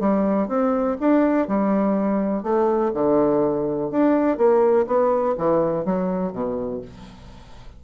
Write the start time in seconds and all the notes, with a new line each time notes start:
0.00 G3
0.49 C4
1.00 D4
1.48 G3
2.43 A3
2.94 D3
3.91 D4
4.38 A#3
4.87 B3
5.38 E3
5.85 F#3
6.33 B2